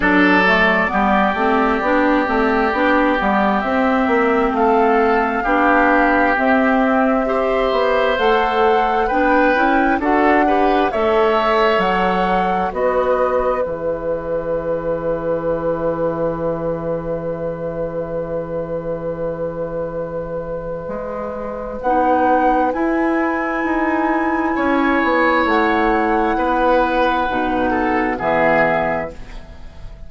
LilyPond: <<
  \new Staff \with { instrumentName = "flute" } { \time 4/4 \tempo 4 = 66 d''1 | e''4 f''2 e''4~ | e''4 fis''4 g''4 fis''4 | e''4 fis''4 dis''4 e''4~ |
e''1~ | e''1 | fis''4 gis''2. | fis''2. e''4 | }
  \new Staff \with { instrumentName = "oboe" } { \time 4/4 a'4 g'2.~ | g'4 a'4 g'2 | c''2 b'4 a'8 b'8 | cis''2 b'2~ |
b'1~ | b'1~ | b'2. cis''4~ | cis''4 b'4. a'8 gis'4 | }
  \new Staff \with { instrumentName = "clarinet" } { \time 4/4 d'8 a8 b8 c'8 d'8 c'8 d'8 b8 | c'2 d'4 c'4 | g'4 a'4 d'8 e'8 fis'8 g'8 | a'2 fis'4 gis'4~ |
gis'1~ | gis'1 | dis'4 e'2.~ | e'2 dis'4 b4 | }
  \new Staff \with { instrumentName = "bassoon" } { \time 4/4 fis4 g8 a8 b8 a8 b8 g8 | c'8 ais8 a4 b4 c'4~ | c'8 b8 a4 b8 cis'8 d'4 | a4 fis4 b4 e4~ |
e1~ | e2. gis4 | b4 e'4 dis'4 cis'8 b8 | a4 b4 b,4 e4 | }
>>